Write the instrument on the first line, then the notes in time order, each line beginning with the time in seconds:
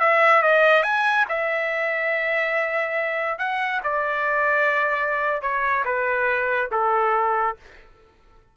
trumpet
0.00 E5
0.43 D#5
0.83 G#5
1.29 E5
3.39 F#5
3.84 D5
5.42 C#5
5.85 B4
6.72 A4